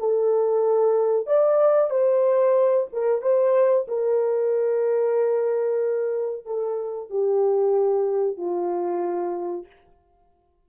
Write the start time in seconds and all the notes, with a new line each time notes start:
0.00 A4
1.27 D5
1.91 C5
2.93 A#4
3.22 C5
3.88 A#4
6.46 A4
7.10 G4
8.38 F4